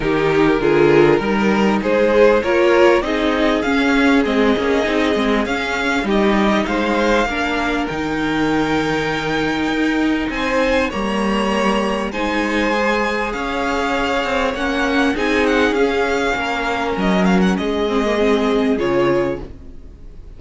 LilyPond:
<<
  \new Staff \with { instrumentName = "violin" } { \time 4/4 \tempo 4 = 99 ais'2. c''4 | cis''4 dis''4 f''4 dis''4~ | dis''4 f''4 dis''4 f''4~ | f''4 g''2.~ |
g''4 gis''4 ais''2 | gis''2 f''2 | fis''4 gis''8 fis''8 f''2 | dis''8 f''16 fis''16 dis''2 cis''4 | }
  \new Staff \with { instrumentName = "violin" } { \time 4/4 g'4 gis'4 ais'4 gis'4 | ais'4 gis'2.~ | gis'2 g'4 c''4 | ais'1~ |
ais'4 c''4 cis''2 | c''2 cis''2~ | cis''4 gis'2 ais'4~ | ais'4 gis'2. | }
  \new Staff \with { instrumentName = "viola" } { \time 4/4 dis'4 f'4 dis'2 | f'4 dis'4 cis'4 c'8 cis'8 | dis'8 c'8 cis'4 dis'2 | d'4 dis'2.~ |
dis'2 ais2 | dis'4 gis'2. | cis'4 dis'4 cis'2~ | cis'4. c'16 ais16 c'4 f'4 | }
  \new Staff \with { instrumentName = "cello" } { \time 4/4 dis4 d4 g4 gis4 | ais4 c'4 cis'4 gis8 ais8 | c'8 gis8 cis'4 g4 gis4 | ais4 dis2. |
dis'4 c'4 g2 | gis2 cis'4. c'8 | ais4 c'4 cis'4 ais4 | fis4 gis2 cis4 | }
>>